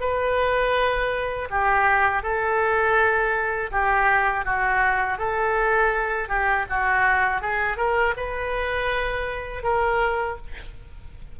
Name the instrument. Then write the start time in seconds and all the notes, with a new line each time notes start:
oboe
0.00 B4
1.50 G4
2.22 A4
3.71 G4
4.45 F#4
5.18 A4
6.28 G4
6.69 F#4
7.41 G#4
7.77 A#4
8.16 B4
9.63 A#4